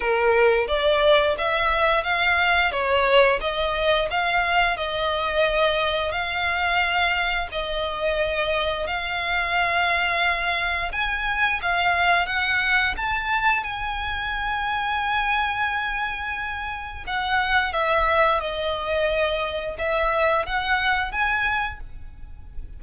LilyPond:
\new Staff \with { instrumentName = "violin" } { \time 4/4 \tempo 4 = 88 ais'4 d''4 e''4 f''4 | cis''4 dis''4 f''4 dis''4~ | dis''4 f''2 dis''4~ | dis''4 f''2. |
gis''4 f''4 fis''4 a''4 | gis''1~ | gis''4 fis''4 e''4 dis''4~ | dis''4 e''4 fis''4 gis''4 | }